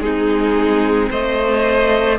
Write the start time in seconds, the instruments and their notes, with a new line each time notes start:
0.00 cello G#3, viola C4, violin D#4 G#4
1.09 cello A3, violin C5 D#5